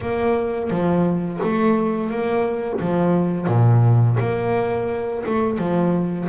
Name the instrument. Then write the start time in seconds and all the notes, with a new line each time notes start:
double bass
0.01 A#3
0.70 F3
1.42 A3
2.10 A#3
2.80 F3
3.47 A#2
4.19 A#3
5.25 A3
5.58 F3